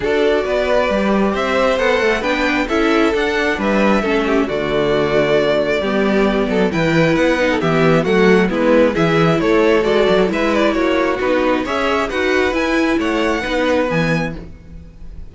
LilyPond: <<
  \new Staff \with { instrumentName = "violin" } { \time 4/4 \tempo 4 = 134 d''2. e''4 | fis''4 g''4 e''4 fis''4 | e''2 d''2~ | d''2. g''4 |
fis''4 e''4 fis''4 b'4 | e''4 cis''4 d''4 e''8 d''8 | cis''4 b'4 e''4 fis''4 | gis''4 fis''2 gis''4 | }
  \new Staff \with { instrumentName = "violin" } { \time 4/4 a'4 b'2 c''4~ | c''4 b'4 a'2 | b'4 a'8 g'8 fis'2~ | fis'4 g'4. a'8 b'4~ |
b'8. a'16 g'4 fis'4 e'4 | gis'4 a'2 b'4 | fis'2 cis''4 b'4~ | b'4 cis''4 b'2 | }
  \new Staff \with { instrumentName = "viola" } { \time 4/4 fis'2 g'2 | a'4 d'4 e'4 d'4~ | d'4 cis'4 a2~ | a4 b2 e'4~ |
e'8 dis'8 b4 a4 b4 | e'2 fis'4 e'4~ | e'4 dis'4 gis'4 fis'4 | e'2 dis'4 b4 | }
  \new Staff \with { instrumentName = "cello" } { \time 4/4 d'4 b4 g4 c'4 | b8 a8 b4 cis'4 d'4 | g4 a4 d2~ | d4 g4. fis8 e4 |
b4 e4 fis4 gis4 | e4 a4 gis8 fis8 gis4 | ais4 b4 cis'4 dis'4 | e'4 a4 b4 e4 | }
>>